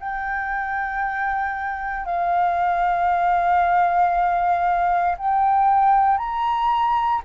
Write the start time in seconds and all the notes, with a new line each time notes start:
0.00 G5
2.05 F5
5.18 G5
6.18 A#5